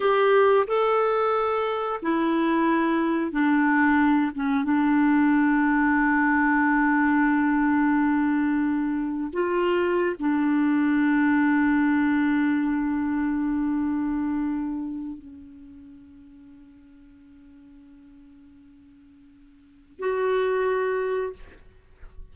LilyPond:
\new Staff \with { instrumentName = "clarinet" } { \time 4/4 \tempo 4 = 90 g'4 a'2 e'4~ | e'4 d'4. cis'8 d'4~ | d'1~ | d'2 f'4~ f'16 d'8.~ |
d'1~ | d'2~ d'8. cis'4~ cis'16~ | cis'1~ | cis'2 fis'2 | }